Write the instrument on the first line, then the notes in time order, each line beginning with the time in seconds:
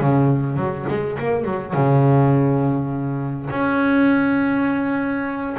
double bass
0.00 C#3
0.56 F#3
0.88 G#3
1.19 A#3
1.44 F#3
1.73 C#3
3.50 C#4